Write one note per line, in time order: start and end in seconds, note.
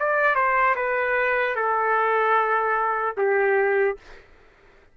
0.00 0.36 D5
0.36 0.76 C5
0.76 1.56 B4
1.56 3.16 A4
3.17 3.97 G4